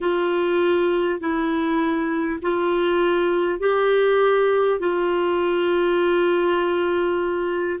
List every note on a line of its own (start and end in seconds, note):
0.00 1.20 F4
1.20 2.40 E4
2.42 3.59 F4
3.59 4.79 G4
4.79 7.79 F4